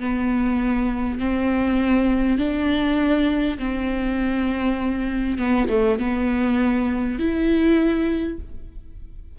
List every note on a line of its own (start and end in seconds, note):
0.00 1.19 B3
1.19 2.38 C4
2.38 3.58 D4
3.59 5.39 C4
5.39 5.69 B3
5.69 5.99 A3
5.99 7.19 B3
7.19 8.39 E4